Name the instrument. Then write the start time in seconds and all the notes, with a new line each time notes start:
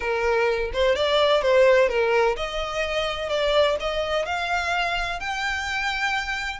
violin
0.00 A#4
0.73 C5
0.95 D5
1.42 C5
1.88 A#4
2.36 D#5
3.29 D5
3.79 D#5
4.25 F5
5.20 G5